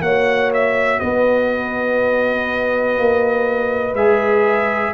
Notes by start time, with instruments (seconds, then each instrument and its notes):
0.00 tuba A#3, trombone F#4, horn C#5, trumpet F#5
0.53 trumpet E5
0.99 tuba B3, horn B4, trumpet D#5
2.98 tuba A#3
3.94 tuba G#3, trombone G#4, trumpet E5